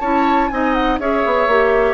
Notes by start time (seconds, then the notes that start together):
0.00 C#4 E4 C#5 A5
0.49 C4 D#4 D#5 G#5
0.73 F#5
0.99 C#4 G#4 C#5 E5
1.25 B3
1.47 A#3 G4